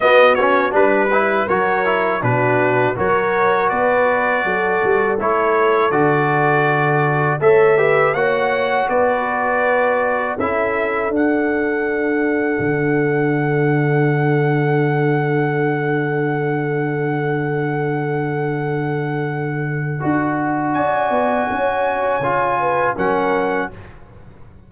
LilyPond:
<<
  \new Staff \with { instrumentName = "trumpet" } { \time 4/4 \tempo 4 = 81 dis''8 cis''8 b'4 cis''4 b'4 | cis''4 d''2 cis''4 | d''2 e''4 fis''4 | d''2 e''4 fis''4~ |
fis''1~ | fis''1~ | fis''1 | gis''2. fis''4 | }
  \new Staff \with { instrumentName = "horn" } { \time 4/4 fis'4 b'4 ais'4 fis'4 | ais'4 b'4 a'2~ | a'2 cis''8 b'8 cis''4 | b'2 a'2~ |
a'1~ | a'1~ | a'1 | d''4 cis''4. b'8 ais'4 | }
  \new Staff \with { instrumentName = "trombone" } { \time 4/4 b8 cis'8 d'8 e'8 fis'8 e'8 d'4 | fis'2. e'4 | fis'2 a'8 g'8 fis'4~ | fis'2 e'4 d'4~ |
d'1~ | d'1~ | d'2. fis'4~ | fis'2 f'4 cis'4 | }
  \new Staff \with { instrumentName = "tuba" } { \time 4/4 b4 g4 fis4 b,4 | fis4 b4 fis8 g8 a4 | d2 a4 ais4 | b2 cis'4 d'4~ |
d'4 d2.~ | d1~ | d2. d'4 | cis'8 b8 cis'4 cis4 fis4 | }
>>